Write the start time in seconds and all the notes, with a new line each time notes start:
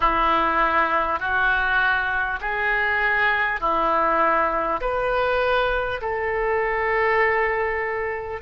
0.00 E4
1.19 F#4
2.40 G#4
3.60 E4
4.80 B4
6.01 A4